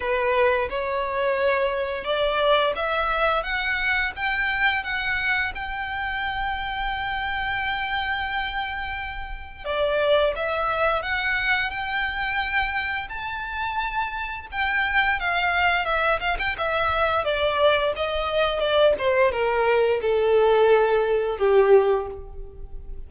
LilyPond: \new Staff \with { instrumentName = "violin" } { \time 4/4 \tempo 4 = 87 b'4 cis''2 d''4 | e''4 fis''4 g''4 fis''4 | g''1~ | g''2 d''4 e''4 |
fis''4 g''2 a''4~ | a''4 g''4 f''4 e''8 f''16 g''16 | e''4 d''4 dis''4 d''8 c''8 | ais'4 a'2 g'4 | }